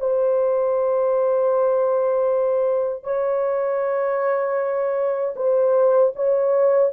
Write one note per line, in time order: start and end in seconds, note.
0.00 3.04 C5
3.04 5.35 C#5
5.36 6.13 C5
6.16 6.93 C#5